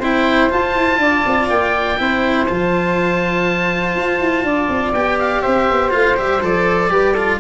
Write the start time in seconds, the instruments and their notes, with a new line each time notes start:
0.00 tuba C4, cello E4, flute C5, oboe G5
0.50 cello F4, tuba F4, oboe A5
0.75 tuba E4
0.98 tuba D4, flute D5
1.26 tuba C4
1.50 tuba A#3, oboe G5
1.98 tuba C4, cello E4, flute C5
2.47 tuba F3, cello F4, oboe A5
3.96 tuba F4
4.20 tuba E4
4.44 tuba D4, flute D5
4.69 tuba C4
4.93 tuba B3, cello G4, oboe G5
5.19 oboe F5
5.42 tuba C4, flute C5, oboe E5
5.70 tuba B3
5.91 tuba A3, cello F4, oboe F5
6.16 tuba G3, cello G4, oboe E5
6.42 tuba F3, cello A4, oboe D5
6.90 tuba G3, cello G4, flute B4
7.13 cello F4, flute A4